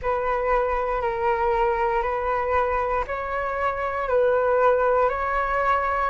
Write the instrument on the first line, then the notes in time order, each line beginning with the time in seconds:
flute
0.01 B4
1.01 A#4
2.02 B4
3.07 C#5
4.08 B4
5.09 C#5